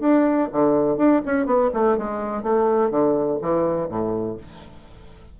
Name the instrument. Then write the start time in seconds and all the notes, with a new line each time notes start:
bassoon
0.00 D4
0.52 D3
0.97 D4
1.26 C#4
1.46 B3
1.74 A3
1.98 G#3
2.43 A3
2.91 D3
3.42 E3
3.89 A2